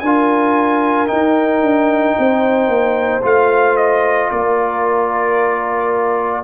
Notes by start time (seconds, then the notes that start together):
0.00 D4 F4 A#4 G#5
1.07 D#4 G5
1.62 D4
2.18 C4 C5
2.68 A#3
3.22 A3 F4 F5
3.77 D#5
4.31 A#3 A#4 D5